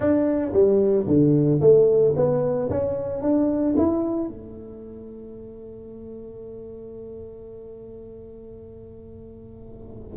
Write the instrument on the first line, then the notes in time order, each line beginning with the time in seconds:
tuba
0.00 D4
0.52 G3
1.06 D3
1.60 A3
2.16 B3
2.70 C#4
3.21 D4
3.77 E4
4.28 A3